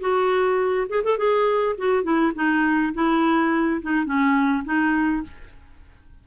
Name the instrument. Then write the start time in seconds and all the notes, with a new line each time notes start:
clarinet
0.00 F#4
0.89 G#4
1.04 A4
1.18 G#4
1.78 F#4
2.03 E4
2.35 D#4
2.94 E4
3.82 D#4
4.05 C#4
4.65 D#4